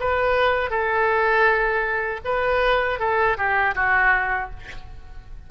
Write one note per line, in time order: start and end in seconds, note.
0.00 0.71 B4
0.71 2.21 A4
2.25 3.00 B4
3.00 3.37 A4
3.38 3.75 G4
3.75 4.50 F#4